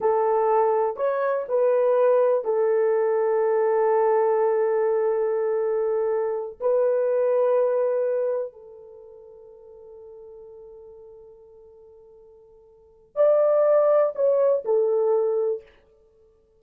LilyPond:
\new Staff \with { instrumentName = "horn" } { \time 4/4 \tempo 4 = 123 a'2 cis''4 b'4~ | b'4 a'2.~ | a'1~ | a'4. b'2~ b'8~ |
b'4. a'2~ a'8~ | a'1~ | a'2. d''4~ | d''4 cis''4 a'2 | }